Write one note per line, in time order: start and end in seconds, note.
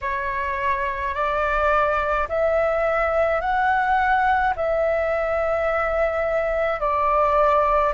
0.01 1.14 C#5
1.14 2.27 D5
2.28 3.40 E5
3.40 4.53 F#5
4.55 6.80 E5
6.80 7.93 D5